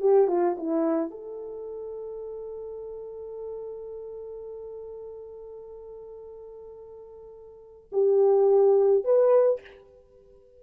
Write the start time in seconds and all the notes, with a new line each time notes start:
0.00 G4
0.27 F4
0.57 E4
1.10 A4
7.92 G4
9.04 B4